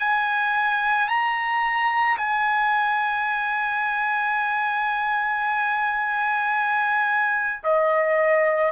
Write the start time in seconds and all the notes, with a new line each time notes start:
0.00 G#5
1.09 A#5
2.18 G#5
7.64 D#5